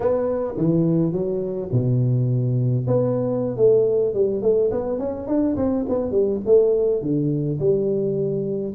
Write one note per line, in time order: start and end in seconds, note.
0.00 0.54 B3
0.57 1.12 E3
1.12 1.69 F#3
1.71 2.86 B2
2.87 3.57 B3
3.57 4.14 A3
4.14 4.42 G3
4.42 4.70 A3
4.71 4.98 B3
4.98 5.27 C#4
5.27 5.56 D4
5.56 5.85 C4
5.88 6.11 B3
6.11 6.39 G3
6.45 7.02 A3
7.02 7.59 D3
7.59 8.74 G3